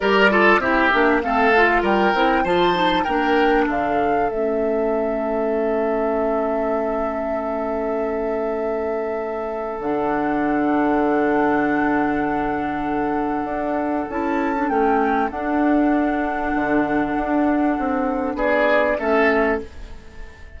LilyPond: <<
  \new Staff \with { instrumentName = "flute" } { \time 4/4 \tempo 4 = 98 d''4 e''4 f''4 g''4 | a''4 g''4 f''4 e''4~ | e''1~ | e''1 |
fis''1~ | fis''2. a''4 | g''4 fis''2.~ | fis''2 d''4 e''4 | }
  \new Staff \with { instrumentName = "oboe" } { \time 4/4 ais'8 a'8 g'4 a'4 ais'4 | c''4 ais'4 a'2~ | a'1~ | a'1~ |
a'1~ | a'1~ | a'1~ | a'2 gis'4 a'4 | }
  \new Staff \with { instrumentName = "clarinet" } { \time 4/4 g'8 f'8 e'8 d'8 c'8 f'4 e'8 | f'8 dis'8 d'2 cis'4~ | cis'1~ | cis'1 |
d'1~ | d'2. e'8. d'16 | cis'4 d'2.~ | d'2. cis'4 | }
  \new Staff \with { instrumentName = "bassoon" } { \time 4/4 g4 c'8 ais8 a4 g8 c'8 | f4 ais4 d4 a4~ | a1~ | a1 |
d1~ | d2 d'4 cis'4 | a4 d'2 d4 | d'4 c'4 b4 a4 | }
>>